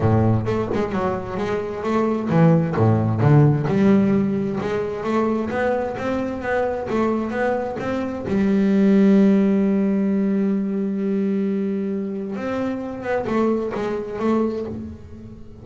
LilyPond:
\new Staff \with { instrumentName = "double bass" } { \time 4/4 \tempo 4 = 131 a,4 a8 gis8 fis4 gis4 | a4 e4 a,4 d4 | g2 gis4 a4 | b4 c'4 b4 a4 |
b4 c'4 g2~ | g1~ | g2. c'4~ | c'8 b8 a4 gis4 a4 | }